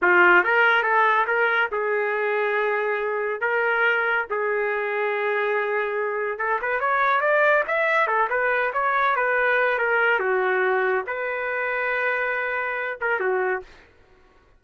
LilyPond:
\new Staff \with { instrumentName = "trumpet" } { \time 4/4 \tempo 4 = 141 f'4 ais'4 a'4 ais'4 | gis'1 | ais'2 gis'2~ | gis'2. a'8 b'8 |
cis''4 d''4 e''4 a'8 b'8~ | b'8 cis''4 b'4. ais'4 | fis'2 b'2~ | b'2~ b'8 ais'8 fis'4 | }